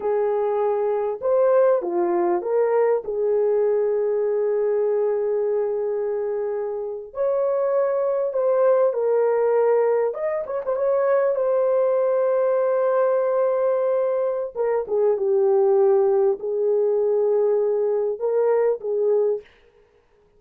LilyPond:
\new Staff \with { instrumentName = "horn" } { \time 4/4 \tempo 4 = 99 gis'2 c''4 f'4 | ais'4 gis'2.~ | gis'2.~ gis'8. cis''16~ | cis''4.~ cis''16 c''4 ais'4~ ais'16~ |
ais'8. dis''8 cis''16 c''16 cis''4 c''4~ c''16~ | c''1 | ais'8 gis'8 g'2 gis'4~ | gis'2 ais'4 gis'4 | }